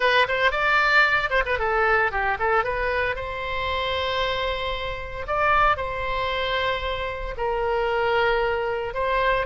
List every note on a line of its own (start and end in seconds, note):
0.00 0.26 B4
0.28 0.51 C5
0.51 1.30 D5
1.30 1.43 C5
1.45 1.58 B4
1.59 2.11 A4
2.11 2.37 G4
2.39 2.64 A4
2.64 3.15 B4
3.15 5.26 C5
5.27 5.76 D5
5.76 7.34 C5
7.37 8.93 A#4
8.93 9.46 C5